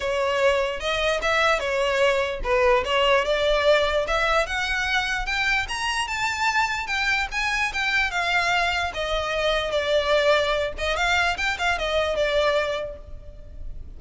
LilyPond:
\new Staff \with { instrumentName = "violin" } { \time 4/4 \tempo 4 = 148 cis''2 dis''4 e''4 | cis''2 b'4 cis''4 | d''2 e''4 fis''4~ | fis''4 g''4 ais''4 a''4~ |
a''4 g''4 gis''4 g''4 | f''2 dis''2 | d''2~ d''8 dis''8 f''4 | g''8 f''8 dis''4 d''2 | }